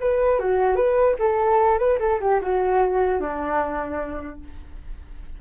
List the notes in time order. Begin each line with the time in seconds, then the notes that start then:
0.00 B4
0.39 F#4
0.75 B4
1.19 A4
1.78 B4
1.99 A4
2.21 G4
2.42 F#4
3.20 D4